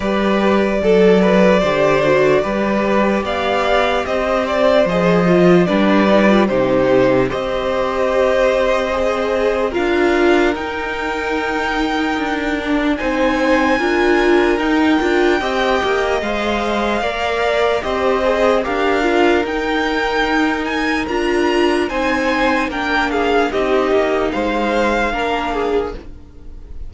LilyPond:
<<
  \new Staff \with { instrumentName = "violin" } { \time 4/4 \tempo 4 = 74 d''1 | f''4 dis''8 d''8 dis''4 d''4 | c''4 dis''2. | f''4 g''2. |
gis''2 g''2 | f''2 dis''4 f''4 | g''4. gis''8 ais''4 gis''4 | g''8 f''8 dis''4 f''2 | }
  \new Staff \with { instrumentName = "violin" } { \time 4/4 b'4 a'8 b'8 c''4 b'4 | d''4 c''2 b'4 | g'4 c''2. | ais'1 |
c''4 ais'2 dis''4~ | dis''4 d''4 c''4 ais'4~ | ais'2. c''4 | ais'8 gis'8 g'4 c''4 ais'8 gis'8 | }
  \new Staff \with { instrumentName = "viola" } { \time 4/4 g'4 a'4 g'8 fis'8 g'4~ | g'2 gis'8 f'8 d'8 dis'16 f'16 | dis'4 g'2 gis'4 | f'4 dis'2~ dis'8 d'8 |
dis'4 f'4 dis'8 f'8 g'4 | c''4 ais'4 g'8 gis'8 g'8 f'8 | dis'2 f'4 dis'4 | d'4 dis'2 d'4 | }
  \new Staff \with { instrumentName = "cello" } { \time 4/4 g4 fis4 d4 g4 | b4 c'4 f4 g4 | c4 c'2. | d'4 dis'2 d'4 |
c'4 d'4 dis'8 d'8 c'8 ais8 | gis4 ais4 c'4 d'4 | dis'2 d'4 c'4 | ais4 c'8 ais8 gis4 ais4 | }
>>